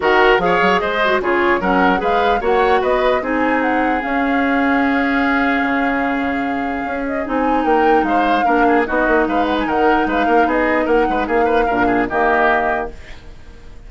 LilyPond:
<<
  \new Staff \with { instrumentName = "flute" } { \time 4/4 \tempo 4 = 149 fis''4 f''4 dis''4 cis''4 | fis''4 f''4 fis''4 dis''4 | gis''4 fis''4 f''2~ | f''1~ |
f''4. dis''8 gis''4 g''4 | f''2 dis''4 f''8 fis''16 gis''16 | fis''4 f''4 dis''4 fis''4 | f''2 dis''2 | }
  \new Staff \with { instrumentName = "oboe" } { \time 4/4 ais'4 cis''4 c''4 gis'4 | ais'4 b'4 cis''4 b'4 | gis'1~ | gis'1~ |
gis'2. ais'4 | c''4 ais'8 gis'8 fis'4 b'4 | ais'4 b'8 ais'8 gis'4 ais'8 b'8 | gis'8 b'8 ais'8 gis'8 g'2 | }
  \new Staff \with { instrumentName = "clarinet" } { \time 4/4 fis'4 gis'4. fis'8 f'4 | cis'4 gis'4 fis'2 | dis'2 cis'2~ | cis'1~ |
cis'2 dis'2~ | dis'4 d'4 dis'2~ | dis'1~ | dis'4 d'4 ais2 | }
  \new Staff \with { instrumentName = "bassoon" } { \time 4/4 dis4 f8 fis8 gis4 cis4 | fis4 gis4 ais4 b4 | c'2 cis'2~ | cis'2 cis2~ |
cis4 cis'4 c'4 ais4 | gis4 ais4 b8 ais8 gis4 | dis4 gis8 ais8 b4 ais8 gis8 | ais4 ais,4 dis2 | }
>>